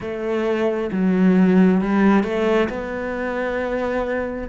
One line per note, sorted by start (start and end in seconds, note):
0.00 0.90 A3
0.92 1.81 F#3
1.81 2.23 G3
2.23 2.68 A3
2.69 4.48 B3